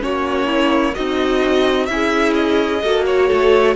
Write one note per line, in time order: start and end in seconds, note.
0.00 0.97 A#3
0.00 0.94 C#4
0.00 0.47 F#4
0.00 0.95 C#5
0.47 0.94 E4
0.95 1.89 C4
0.95 1.90 D#4
0.95 1.89 F#4
0.95 1.86 D#5
1.86 2.83 C#4
1.86 2.83 E4
1.86 2.33 E5
1.93 2.85 G#4
2.35 3.05 D#5
2.83 3.30 A#3
2.83 3.76 F#4
2.83 3.06 A4
3.06 3.27 F#4
3.06 3.76 C#5
3.27 3.76 A3
3.27 3.74 A4